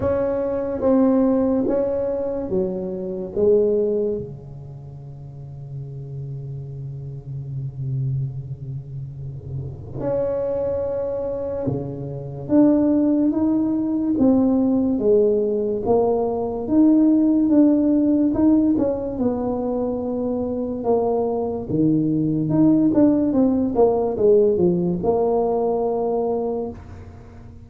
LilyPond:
\new Staff \with { instrumentName = "tuba" } { \time 4/4 \tempo 4 = 72 cis'4 c'4 cis'4 fis4 | gis4 cis2.~ | cis1 | cis'2 cis4 d'4 |
dis'4 c'4 gis4 ais4 | dis'4 d'4 dis'8 cis'8 b4~ | b4 ais4 dis4 dis'8 d'8 | c'8 ais8 gis8 f8 ais2 | }